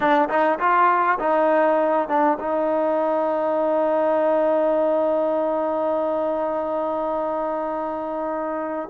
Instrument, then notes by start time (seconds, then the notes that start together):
trombone
0.00 D4
0.29 D#4
0.59 F4
1.19 D#4
2.08 D4
2.39 D#4